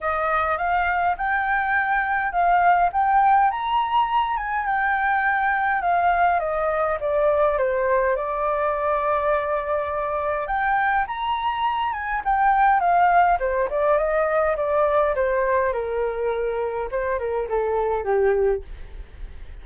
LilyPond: \new Staff \with { instrumentName = "flute" } { \time 4/4 \tempo 4 = 103 dis''4 f''4 g''2 | f''4 g''4 ais''4. gis''8 | g''2 f''4 dis''4 | d''4 c''4 d''2~ |
d''2 g''4 ais''4~ | ais''8 gis''8 g''4 f''4 c''8 d''8 | dis''4 d''4 c''4 ais'4~ | ais'4 c''8 ais'8 a'4 g'4 | }